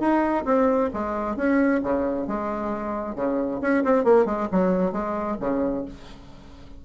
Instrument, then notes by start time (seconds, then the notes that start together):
bassoon
0.00 D#4
0.45 C4
0.94 G#3
1.37 C#4
1.83 C#3
2.27 G#3
3.15 C#3
3.61 C#4
3.84 C4
4.04 A#3
4.26 G#3
4.52 F#3
4.92 G#3
5.40 C#3